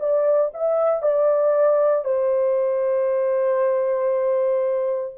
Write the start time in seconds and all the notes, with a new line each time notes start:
0.00 D5
0.54 E5
1.03 D5
2.05 C5